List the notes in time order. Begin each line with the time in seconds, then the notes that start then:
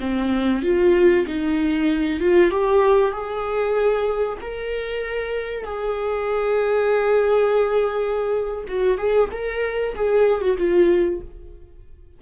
0.00 C4
0.62 F4
1.26 D#4
2.20 F4
2.50 G4
3.11 G#4
4.41 A#4
5.64 G#4
8.68 F#4
8.97 G#4
9.32 A#4
9.95 G#4
10.41 F#4
10.57 F4